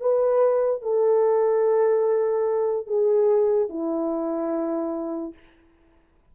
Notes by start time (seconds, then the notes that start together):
0.00 B4
0.82 A4
2.87 G#4
3.69 E4